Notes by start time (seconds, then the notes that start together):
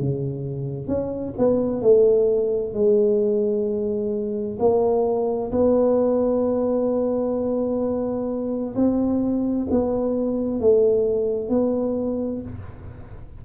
0.00 C#3
0.88 C#4
1.38 B3
1.82 A3
2.74 G#3
4.59 A#3
5.52 B3
8.75 C4
9.71 B3
10.61 A3
11.50 B3